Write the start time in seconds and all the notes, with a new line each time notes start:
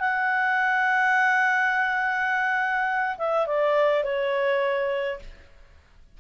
0.00 F#5
3.18 E5
3.47 D5
4.04 C#5